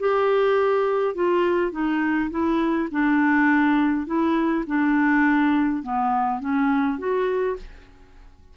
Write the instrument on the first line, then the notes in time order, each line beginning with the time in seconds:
clarinet
0.00 G4
1.15 F4
1.72 D#4
2.31 E4
2.92 D4
4.07 E4
4.67 D4
5.84 B3
6.41 C#4
6.99 F#4